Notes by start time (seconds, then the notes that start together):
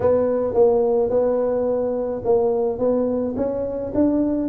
0.00 B3
0.54 A#3
1.09 B3
2.24 A#3
2.78 B3
3.36 C#4
3.94 D4